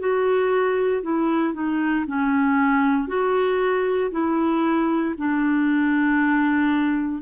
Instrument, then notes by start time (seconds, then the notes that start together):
clarinet
0.00 F#4
1.03 E4
1.54 D#4
2.07 C#4
3.08 F#4
4.11 E4
5.18 D4